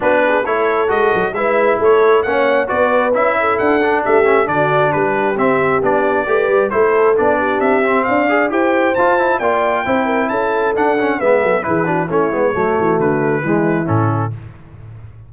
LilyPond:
<<
  \new Staff \with { instrumentName = "trumpet" } { \time 4/4 \tempo 4 = 134 b'4 cis''4 dis''4 e''4 | cis''4 fis''4 d''4 e''4 | fis''4 e''4 d''4 b'4 | e''4 d''2 c''4 |
d''4 e''4 f''4 g''4 | a''4 g''2 a''4 | fis''4 e''4 b'4 cis''4~ | cis''4 b'2 a'4 | }
  \new Staff \with { instrumentName = "horn" } { \time 4/4 fis'8 gis'8 a'2 b'4 | a'4 cis''4 b'4. a'8~ | a'4 g'4 fis'4 g'4~ | g'2 b'4 a'4~ |
a'8 g'4. d''4 c''4~ | c''4 d''4 c''8 ais'8 a'4~ | a'4 b'8 a'8 gis'8 fis'8 e'4 | fis'2 e'2 | }
  \new Staff \with { instrumentName = "trombone" } { \time 4/4 d'4 e'4 fis'4 e'4~ | e'4 cis'4 fis'4 e'4~ | e'8 d'4 cis'8 d'2 | c'4 d'4 g'4 e'4 |
d'4. c'4 gis'8 g'4 | f'8 e'8 f'4 e'2 | d'8 cis'8 b4 e'8 d'8 cis'8 b8 | a2 gis4 cis'4 | }
  \new Staff \with { instrumentName = "tuba" } { \time 4/4 b4 a4 gis8 fis8 gis4 | a4 ais4 b4 cis'4 | d'4 a4 d4 g4 | c'4 b4 a8 g8 a4 |
b4 c'4 d'4 e'4 | f'4 ais4 c'4 cis'4 | d'4 gis8 fis8 e4 a8 gis8 | fis8 e8 d4 e4 a,4 | }
>>